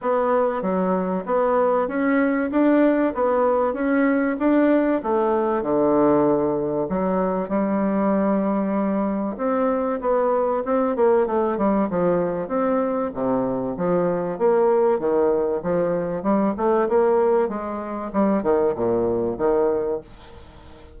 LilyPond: \new Staff \with { instrumentName = "bassoon" } { \time 4/4 \tempo 4 = 96 b4 fis4 b4 cis'4 | d'4 b4 cis'4 d'4 | a4 d2 fis4 | g2. c'4 |
b4 c'8 ais8 a8 g8 f4 | c'4 c4 f4 ais4 | dis4 f4 g8 a8 ais4 | gis4 g8 dis8 ais,4 dis4 | }